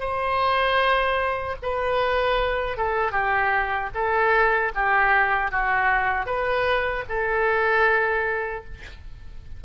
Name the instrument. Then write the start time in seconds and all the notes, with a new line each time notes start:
oboe
0.00 C5
1.62 B4
2.77 A4
3.12 G4
3.94 A4
4.75 G4
5.51 F#4
6.26 B4
7.08 A4